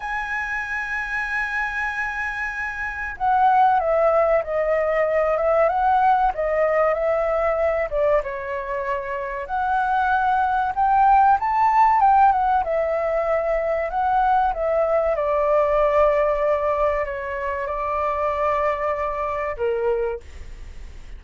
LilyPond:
\new Staff \with { instrumentName = "flute" } { \time 4/4 \tempo 4 = 95 gis''1~ | gis''4 fis''4 e''4 dis''4~ | dis''8 e''8 fis''4 dis''4 e''4~ | e''8 d''8 cis''2 fis''4~ |
fis''4 g''4 a''4 g''8 fis''8 | e''2 fis''4 e''4 | d''2. cis''4 | d''2. ais'4 | }